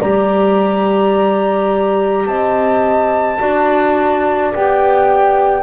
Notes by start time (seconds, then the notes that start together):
0.00 G3 G4 D5 A#5
2.26 C4 D#5 A5
3.39 D4 F#4 D5
4.55 B3 G4 G5